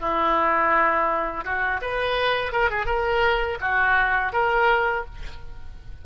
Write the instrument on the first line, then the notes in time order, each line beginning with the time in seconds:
oboe
0.00 E4
1.45 F#4
1.81 B4
2.52 A#4
2.70 G#4
2.86 A#4
3.60 F#4
4.33 A#4